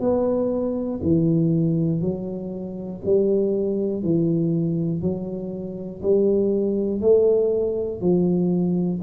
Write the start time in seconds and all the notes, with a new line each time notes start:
0.00 B3
1.03 E3
2.02 F#3
3.05 G3
4.03 E3
5.02 F#3
6.03 G3
7.01 A3
8.01 F3